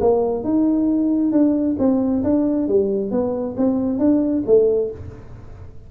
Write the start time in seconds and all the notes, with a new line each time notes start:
0.00 A#3
0.44 D#4
1.32 D4
1.79 C4
2.23 D4
2.68 G3
3.11 B3
3.57 C4
3.98 D4
4.46 A3